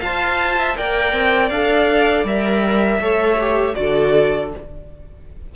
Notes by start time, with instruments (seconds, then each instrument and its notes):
0.00 cello F4, viola C5, violin F5 A5
0.58 violin E5
0.76 cello A#3, viola A#4, violin D5 G5
1.13 cello C4
1.49 cello D4, viola A4, violin F5
2.24 cello G3, viola A#4, violin E5
2.99 cello A3, viola A4, violin C#5
3.40 viola G4
3.75 cello D3, viola F#4, violin A4 D5